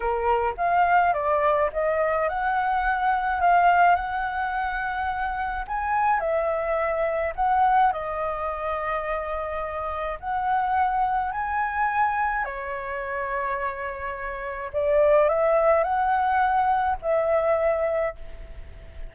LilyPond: \new Staff \with { instrumentName = "flute" } { \time 4/4 \tempo 4 = 106 ais'4 f''4 d''4 dis''4 | fis''2 f''4 fis''4~ | fis''2 gis''4 e''4~ | e''4 fis''4 dis''2~ |
dis''2 fis''2 | gis''2 cis''2~ | cis''2 d''4 e''4 | fis''2 e''2 | }